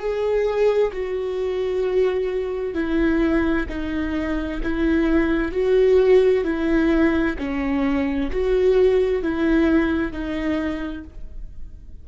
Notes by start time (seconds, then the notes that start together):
0.00 G#4
0.93 F#4
2.75 E4
3.69 D#4
4.63 E4
5.52 F#4
6.44 E4
7.39 C#4
8.32 F#4
9.23 E4
10.12 D#4